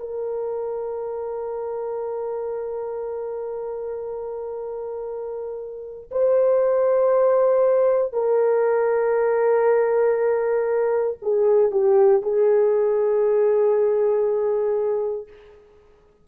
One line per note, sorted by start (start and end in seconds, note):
0.00 6.10 A#4
6.12 8.13 C5
8.13 11.18 A#4
11.22 11.71 G#4
11.71 12.22 G4
12.22 15.27 G#4